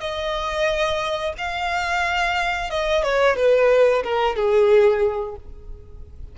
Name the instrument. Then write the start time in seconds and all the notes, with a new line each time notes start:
violin
0.00 D#5
1.38 F5
2.70 D#5
3.03 C#5
3.36 B4
4.03 A#4
4.36 G#4